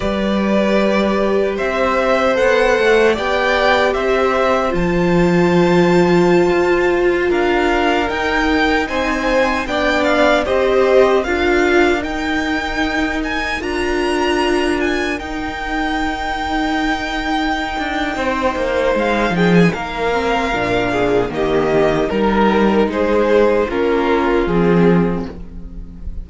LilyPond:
<<
  \new Staff \with { instrumentName = "violin" } { \time 4/4 \tempo 4 = 76 d''2 e''4 fis''4 | g''4 e''4 a''2~ | a''4~ a''16 f''4 g''4 gis''8.~ | gis''16 g''8 f''8 dis''4 f''4 g''8.~ |
g''8. gis''8 ais''4. gis''8 g''8.~ | g''1 | f''8 g''16 gis''16 f''2 dis''4 | ais'4 c''4 ais'4 gis'4 | }
  \new Staff \with { instrumentName = "violin" } { \time 4/4 b'2 c''2 | d''4 c''2.~ | c''4~ c''16 ais'2 c''8.~ | c''16 d''4 c''4 ais'4.~ ais'16~ |
ais'1~ | ais'2. c''4~ | c''8 gis'8 ais'4. gis'8 g'4 | ais'4 gis'4 f'2 | }
  \new Staff \with { instrumentName = "viola" } { \time 4/4 g'2. a'4 | g'2 f'2~ | f'2~ f'16 dis'4.~ dis'16~ | dis'16 d'4 g'4 f'4 dis'8.~ |
dis'4~ dis'16 f'2 dis'8.~ | dis'1~ | dis'4. c'8 d'4 ais4 | dis'2 cis'4 c'4 | }
  \new Staff \with { instrumentName = "cello" } { \time 4/4 g2 c'4 b8 a8 | b4 c'4 f2~ | f16 f'4 d'4 dis'4 c'8.~ | c'16 b4 c'4 d'4 dis'8.~ |
dis'4~ dis'16 d'2 dis'8.~ | dis'2~ dis'8 d'8 c'8 ais8 | gis8 f8 ais4 ais,4 dis4 | g4 gis4 ais4 f4 | }
>>